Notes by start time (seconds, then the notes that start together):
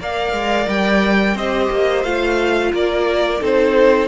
0.00 A#3 A#4 D5 F5
0.32 G#3
0.67 G3 G5
1.35 C4 G4 C5 D#5
1.70 A#3
2.04 A3 F4 F5
2.73 A#3 A#4 D5
3.40 C4 D#4 A4 C5